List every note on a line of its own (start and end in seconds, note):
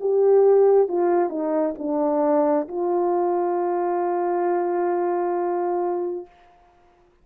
0.00 0.88 G4
0.88 1.29 F4
1.29 1.74 D#4
1.78 2.67 D4
2.68 6.26 F4